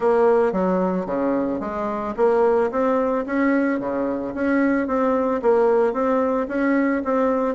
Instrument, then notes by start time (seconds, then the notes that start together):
bassoon
0.00 A#3
0.52 F#3
1.06 C#3
1.60 G#3
2.16 A#3
2.71 C4
3.26 C#4
3.79 C#3
4.34 C#4
4.87 C4
5.42 A#3
5.93 C4
6.48 C#4
7.04 C4